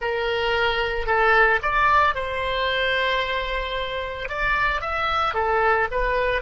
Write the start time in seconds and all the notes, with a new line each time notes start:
0.01 A#4
1.06 A4
1.62 D5
2.14 C5
4.29 D5
4.81 E5
5.34 A4
5.91 B4